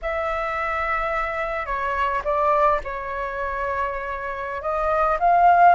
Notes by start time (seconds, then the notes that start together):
0.02 E5
1.66 C#5
2.24 D5
2.84 C#5
4.61 D#5
5.19 F5